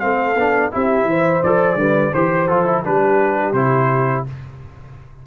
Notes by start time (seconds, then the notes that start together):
0.00 A3 C4 A4 F5
0.36 B3 D4
0.71 C4 E4 G4 E5
1.05 E3 C5
1.43 F3 A4 D5
1.76 D3 G3 B4
2.13 E3 G4 C5
2.47 F3 F4 A4
2.66 E4
2.84 G3 D4 G4 B4
3.53 C3 E4 C5